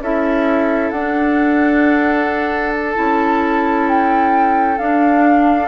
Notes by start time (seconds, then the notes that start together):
0.00 C#4 E4 A4 E5
0.90 D4 F#5
2.74 A5
2.94 C#4 E4
3.88 G5
4.78 D4 F5